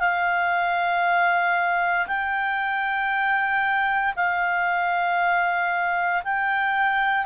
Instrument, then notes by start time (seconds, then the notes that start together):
clarinet
0.00 F5
2.07 G5
4.16 F5
6.24 G5